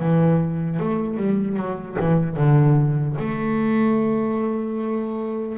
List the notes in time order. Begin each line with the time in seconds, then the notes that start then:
0.00 E3
0.80 A3
1.17 G3
1.57 F#3
2.00 E3
2.36 D3
3.19 A3